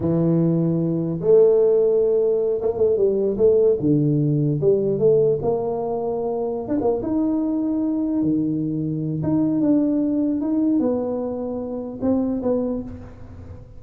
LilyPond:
\new Staff \with { instrumentName = "tuba" } { \time 4/4 \tempo 4 = 150 e2. a4~ | a2~ a8 ais8 a8 g8~ | g8 a4 d2 g8~ | g8 a4 ais2~ ais8~ |
ais8. d'16 ais8 dis'2~ dis'8~ | dis'8 dis2~ dis8 dis'4 | d'2 dis'4 b4~ | b2 c'4 b4 | }